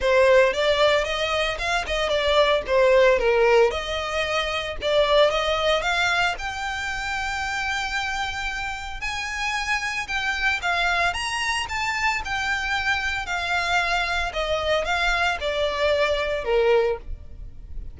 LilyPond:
\new Staff \with { instrumentName = "violin" } { \time 4/4 \tempo 4 = 113 c''4 d''4 dis''4 f''8 dis''8 | d''4 c''4 ais'4 dis''4~ | dis''4 d''4 dis''4 f''4 | g''1~ |
g''4 gis''2 g''4 | f''4 ais''4 a''4 g''4~ | g''4 f''2 dis''4 | f''4 d''2 ais'4 | }